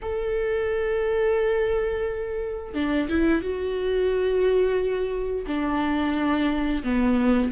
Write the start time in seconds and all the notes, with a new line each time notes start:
0.02 A4
2.74 D4
3.08 E4
3.41 F#4
5.46 D4
6.83 B3